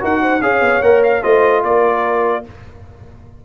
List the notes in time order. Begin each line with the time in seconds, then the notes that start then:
0.00 D#4 F#4 A#4 F#5
0.21 C5
0.41 C#4 G#4 C#5 F5
0.61 B3
0.82 A#3 A#4 F#5
1.04 F5
1.22 A3 F4 C5 D#5
1.63 A#3 A#4 D5